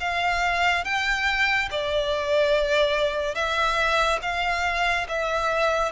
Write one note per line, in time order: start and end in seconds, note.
0.00 0.85 F5
0.85 1.69 G5
1.71 3.35 D5
3.35 4.19 E5
4.22 5.07 F5
5.08 5.92 E5